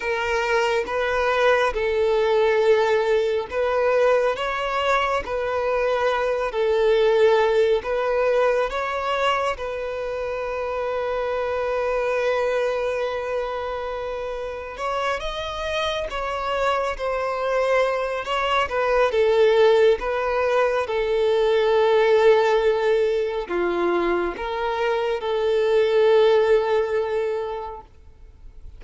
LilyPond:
\new Staff \with { instrumentName = "violin" } { \time 4/4 \tempo 4 = 69 ais'4 b'4 a'2 | b'4 cis''4 b'4. a'8~ | a'4 b'4 cis''4 b'4~ | b'1~ |
b'4 cis''8 dis''4 cis''4 c''8~ | c''4 cis''8 b'8 a'4 b'4 | a'2. f'4 | ais'4 a'2. | }